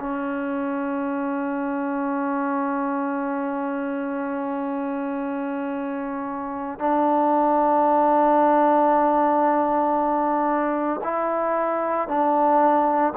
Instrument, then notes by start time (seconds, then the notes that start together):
trombone
0.00 C#4
6.79 D4
11.03 E4
12.08 D4